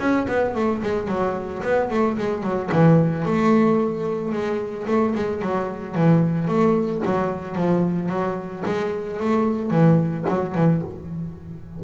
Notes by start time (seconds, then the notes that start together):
0.00 C#4
0.28 B3
0.55 A3
0.83 G#3
1.08 F#3
1.63 B3
1.91 A3
2.18 G#3
2.43 F#3
2.72 E3
3.26 A3
4.33 G#3
4.88 A3
5.15 G#3
5.42 F#3
5.96 E3
6.48 A3
7.05 F#3
7.56 F3
8.10 F#3
8.66 G#3
9.20 A3
9.71 E3
10.29 F#3
10.55 E3